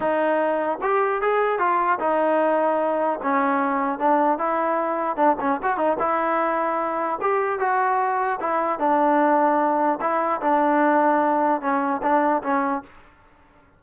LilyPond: \new Staff \with { instrumentName = "trombone" } { \time 4/4 \tempo 4 = 150 dis'2 g'4 gis'4 | f'4 dis'2. | cis'2 d'4 e'4~ | e'4 d'8 cis'8 fis'8 dis'8 e'4~ |
e'2 g'4 fis'4~ | fis'4 e'4 d'2~ | d'4 e'4 d'2~ | d'4 cis'4 d'4 cis'4 | }